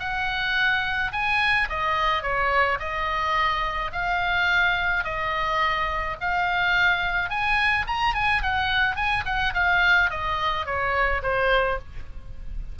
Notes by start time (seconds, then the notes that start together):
0.00 F#5
1.13 G#5
1.70 D#5
2.23 C#5
2.80 D#5
3.93 F5
5.05 D#5
6.21 F5
7.30 G#5
7.88 A#5
8.15 G#5
8.43 F#5
8.96 G#5
9.26 F#5
9.55 F5
10.11 D#5
10.66 C#5
11.23 C5